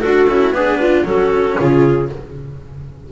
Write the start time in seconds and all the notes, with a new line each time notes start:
0.00 D4 F#4 A4
0.29 C#4 E4
0.51 B3 D4 G#4 B4
0.81 F4
1.04 F#3 C#4 F#4 A4
1.57 C#3 F4 G#4